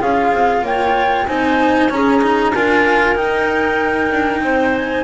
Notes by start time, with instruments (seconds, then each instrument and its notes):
0.00 double bass C#4, cello F4, clarinet G#4, flute F5
0.32 double bass C4
0.62 double bass A#3, clarinet C#5, flute G5
1.27 double bass C4, cello D#4, clarinet C5, flute G#5
1.90 double bass C#4, cello C#4, clarinet G#4, flute A#5
2.22 cello D#4
2.54 double bass D4, cello F4, clarinet A#4, flute G#5
3.16 cello D#4, double bass D#4, flute G5
4.12 double bass D4
4.41 double bass C4, clarinet C5
4.76 flute G#5